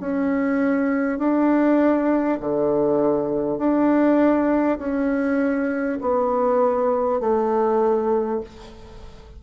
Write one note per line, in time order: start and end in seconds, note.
0.00 1.19 C#4
1.19 2.39 D4
2.40 3.58 D3
3.58 4.78 D4
4.78 5.98 C#4
6.01 7.21 B3
7.21 8.41 A3